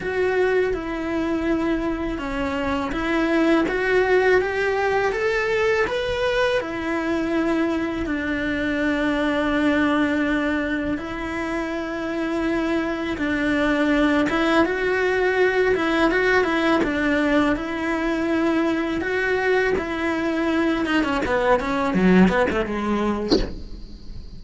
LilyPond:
\new Staff \with { instrumentName = "cello" } { \time 4/4 \tempo 4 = 82 fis'4 e'2 cis'4 | e'4 fis'4 g'4 a'4 | b'4 e'2 d'4~ | d'2. e'4~ |
e'2 d'4. e'8 | fis'4. e'8 fis'8 e'8 d'4 | e'2 fis'4 e'4~ | e'8 dis'16 cis'16 b8 cis'8 fis8 b16 a16 gis4 | }